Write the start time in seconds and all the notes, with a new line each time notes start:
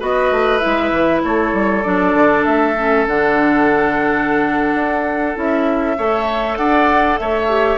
0.00 B3 F#4 B4 D#5
0.31 A3
0.58 E4 E5
0.66 G#3
0.92 E3
1.24 A3 A4 C#5
1.53 G3
1.83 F#3 D4 D5
2.14 D3
2.45 A3 E5
2.78 C#4
3.07 D3 D4 F#5
4.74 D4
5.35 C#4 E4 E5
5.98 A3 A4 C#5
6.57 D4 D5 F#5
7.18 A3 C#5 E5
7.49 G4